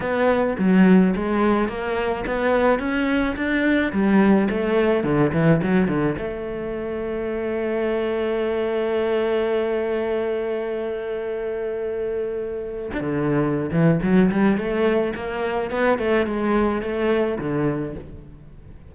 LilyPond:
\new Staff \with { instrumentName = "cello" } { \time 4/4 \tempo 4 = 107 b4 fis4 gis4 ais4 | b4 cis'4 d'4 g4 | a4 d8 e8 fis8 d8 a4~ | a1~ |
a1~ | a2. d'16 d8.~ | d8 e8 fis8 g8 a4 ais4 | b8 a8 gis4 a4 d4 | }